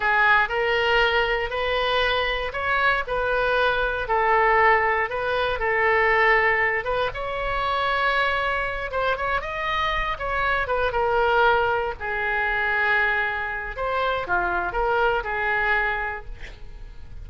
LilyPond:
\new Staff \with { instrumentName = "oboe" } { \time 4/4 \tempo 4 = 118 gis'4 ais'2 b'4~ | b'4 cis''4 b'2 | a'2 b'4 a'4~ | a'4. b'8 cis''2~ |
cis''4. c''8 cis''8 dis''4. | cis''4 b'8 ais'2 gis'8~ | gis'2. c''4 | f'4 ais'4 gis'2 | }